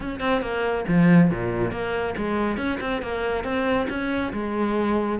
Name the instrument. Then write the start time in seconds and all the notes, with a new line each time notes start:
cello
0.00 C#4
0.19 C4
0.41 A#3
0.88 F3
1.30 A#2
1.71 A#3
2.17 G#3
2.57 C#4
2.80 C4
3.02 A#3
3.44 C4
3.89 C#4
4.32 G#3